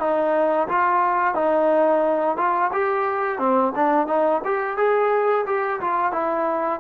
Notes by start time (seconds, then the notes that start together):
0.00 D#4
0.68 F4
1.35 D#4
2.37 F4
2.73 G4
3.39 C4
3.76 D4
4.07 D#4
4.45 G4
4.77 G#4
5.46 G4
5.81 F4
6.12 E4